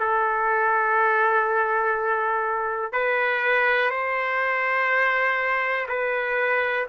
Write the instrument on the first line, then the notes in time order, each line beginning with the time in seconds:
trumpet
0.00 A4
2.93 B4
3.91 C5
5.89 B4